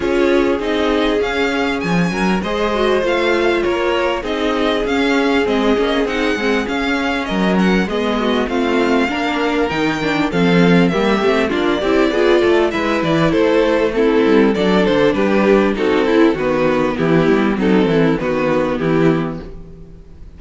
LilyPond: <<
  \new Staff \with { instrumentName = "violin" } { \time 4/4 \tempo 4 = 99 cis''4 dis''4 f''4 gis''4 | dis''4 f''4 cis''4 dis''4 | f''4 dis''4 fis''4 f''4 | dis''8 fis''8 dis''4 f''2 |
g''4 f''4 e''4 d''4~ | d''4 e''8 d''8 c''4 a'4 | d''8 c''8 b'4 a'4 b'4 | g'4 a'4 b'4 g'4 | }
  \new Staff \with { instrumentName = "violin" } { \time 4/4 gis'2.~ gis'8 ais'8 | c''2 ais'4 gis'4~ | gis'1 | ais'4 gis'8 fis'8 f'4 ais'4~ |
ais'4 a'4 g'4 f'8 g'8 | gis'8 a'8 b'4 a'4 e'4 | a'4 g'4 fis'8 e'8 fis'4 | e'4 dis'8 e'8 fis'4 e'4 | }
  \new Staff \with { instrumentName = "viola" } { \time 4/4 f'4 dis'4 cis'2 | gis'8 fis'8 f'2 dis'4 | cis'4 c'8 cis'8 dis'8 c'8 cis'4~ | cis'4 b4 c'4 d'4 |
dis'8 d'8 c'4 ais8 c'8 d'8 e'8 | f'4 e'2 c'4 | d'2 dis'8 e'8 b4~ | b4 c'4 b2 | }
  \new Staff \with { instrumentName = "cello" } { \time 4/4 cis'4 c'4 cis'4 f8 fis8 | gis4 a4 ais4 c'4 | cis'4 gis8 ais8 c'8 gis8 cis'4 | fis4 gis4 a4 ais4 |
dis4 f4 g8 a8 ais8 c'8 | b8 a8 gis8 e8 a4. g8 | fis8 d8 g4 c'4 dis4 | e8 g8 fis8 e8 dis4 e4 | }
>>